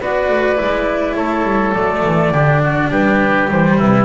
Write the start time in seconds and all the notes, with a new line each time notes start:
0.00 B3 F#4 B4 D5
0.28 A3
0.55 G#3 E4
1.15 A3 A4 C#5
1.43 G3
1.72 F#3 A3 D5
2.04 E3
2.30 D3 D4 G4
2.63 F#4
2.89 G3 G4 B4
3.48 E3 G3 C5
3.77 C3 E4 B4